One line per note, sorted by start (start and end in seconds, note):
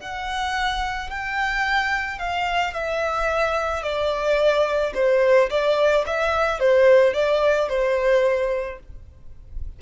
0.00 1.10 F#5
1.10 2.19 G5
2.19 2.74 F5
2.74 3.83 E5
3.83 4.93 D5
4.94 5.49 C5
5.50 6.05 D5
6.06 6.60 E5
6.60 7.14 C5
7.14 7.69 D5
7.69 8.79 C5